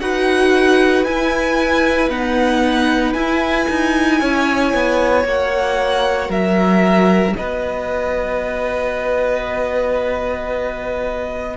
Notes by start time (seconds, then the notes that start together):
0.00 D#4 F#4 B4 F#5
1.04 E4 G#5
2.09 B3 D#4 F#5
3.13 E4 G#5
3.70 D#4
4.20 C#4 C#5
4.73 B3
5.25 A#3 F#4 F#5
6.29 F#3 A#4 E5
7.36 B3 B4 D#5